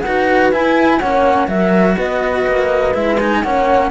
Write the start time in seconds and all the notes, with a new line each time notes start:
0.00 F#4 B4 F#5
0.06 D#4
0.52 E4 G#5
0.99 A#3 C#4 C#5 F#5
1.47 F#3 F#4 A#4 E5
1.96 B3 B4 D#5
2.47 A#3
2.93 G#3 E4 E5
3.19 D#4 G#5
3.42 A#3 C#4 C#5 F#5